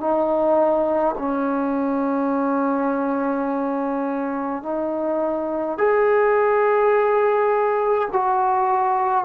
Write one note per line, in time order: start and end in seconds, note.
0.00 1.15 D#4
1.19 4.63 C#4
4.63 5.78 D#4
5.78 8.09 G#4
8.12 9.25 F#4